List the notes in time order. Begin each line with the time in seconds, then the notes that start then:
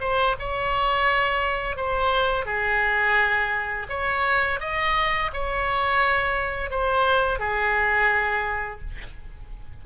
0.00 C5
0.39 C#5
1.76 C5
2.45 G#4
3.89 C#5
4.60 D#5
5.33 C#5
6.70 C5
7.39 G#4